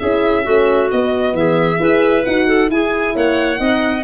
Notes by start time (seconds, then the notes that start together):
0.00 C#4 E4 G#4 E5
0.44 A3 C#4 F#4
0.92 B3 D#5
1.34 E3 G#4 E5
1.78 E4 G#4 B4
2.25 D#4 F#4 F#5
2.48 A4
2.70 E4 G#4 G#5
3.15 A#3 C#5 F#5
3.58 C4 D#4 D#5